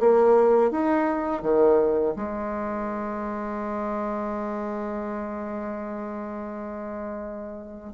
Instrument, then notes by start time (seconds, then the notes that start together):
bassoon
0.00 A#3
0.71 D#4
1.42 D#3
2.16 G#3